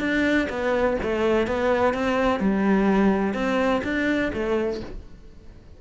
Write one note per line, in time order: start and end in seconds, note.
0.00 0.48 D4
0.50 0.97 B3
1.03 1.47 A3
1.47 1.94 B3
1.94 2.40 C4
2.40 3.34 G3
3.34 3.81 C4
3.84 4.31 D4
4.33 4.81 A3